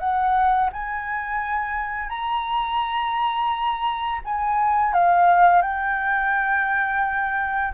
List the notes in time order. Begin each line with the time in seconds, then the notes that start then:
0.00 F#5
0.73 G#5
2.10 A#5
4.25 G#5
4.94 F5
5.62 G5